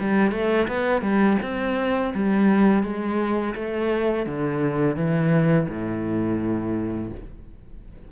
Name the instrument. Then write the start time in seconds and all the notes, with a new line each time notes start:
cello
0.00 G3
0.31 A3
0.68 B3
1.02 G3
1.42 C4
2.14 G3
2.83 G#3
3.55 A3
4.26 D3
4.96 E3
5.68 A2